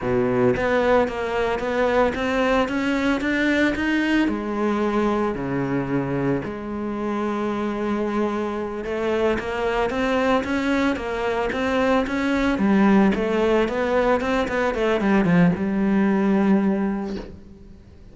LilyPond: \new Staff \with { instrumentName = "cello" } { \time 4/4 \tempo 4 = 112 b,4 b4 ais4 b4 | c'4 cis'4 d'4 dis'4 | gis2 cis2 | gis1~ |
gis8 a4 ais4 c'4 cis'8~ | cis'8 ais4 c'4 cis'4 g8~ | g8 a4 b4 c'8 b8 a8 | g8 f8 g2. | }